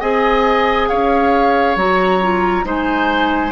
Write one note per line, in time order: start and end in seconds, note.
0.00 0.90 C4
0.00 1.77 G#4
0.00 0.88 D#5
0.00 0.88 G#5
0.88 1.76 C#4
0.88 2.65 C#5
0.88 1.76 F5
1.76 2.64 F#3
1.76 2.21 F#4
1.76 2.67 A#5
2.22 2.64 F4
2.64 3.51 G#3
2.64 3.51 D#4
2.64 3.51 C5
2.64 3.51 G#5